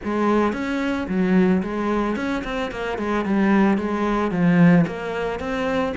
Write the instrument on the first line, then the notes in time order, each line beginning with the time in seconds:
cello
0.04 G#3
0.53 C#4
1.08 F#3
1.62 G#3
2.16 C#4
2.44 C4
2.71 A#3
2.98 G#3
3.25 G3
3.77 G#3
4.31 F3
4.86 A#3
5.39 C4